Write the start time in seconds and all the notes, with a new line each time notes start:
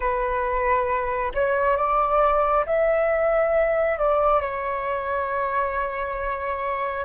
0.00 B4
1.34 C#5
1.76 D5
2.66 E5
3.98 D5
4.41 C#5